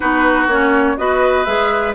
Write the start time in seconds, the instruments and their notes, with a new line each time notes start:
0.00 bassoon B3, clarinet D#4, oboe F#4, flute B4
0.47 bassoon A#3, clarinet C#4, flute C#5
0.97 bassoon B3, clarinet F#4, oboe B4, flute D#5
1.44 bassoon G#3, clarinet G#4, flute E5